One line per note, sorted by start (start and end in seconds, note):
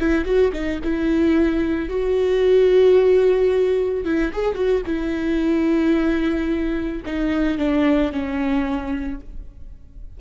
0.00 0.26 E4
0.26 0.53 F#4
0.54 0.81 D#4
0.84 1.89 E4
1.89 4.05 F#4
4.05 4.32 E4
4.33 4.55 G#4
4.55 4.82 F#4
4.87 7.03 E4
7.06 7.59 D#4
7.59 8.13 D4
8.13 9.21 C#4